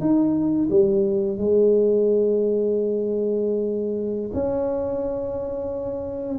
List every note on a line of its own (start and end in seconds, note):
0.00 0.69 D#4
0.70 1.38 G3
1.38 4.31 G#3
4.34 6.39 C#4